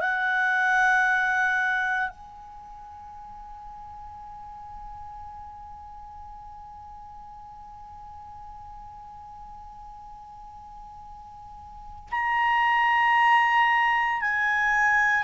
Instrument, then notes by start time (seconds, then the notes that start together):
clarinet
0.00 F#5
2.10 G#5
12.11 A#5
14.21 G#5